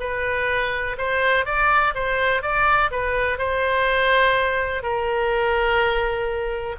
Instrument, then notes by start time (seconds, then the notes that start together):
oboe
0.00 B4
0.98 C5
1.46 D5
1.94 C5
2.42 D5
2.91 B4
3.38 C5
4.83 A#4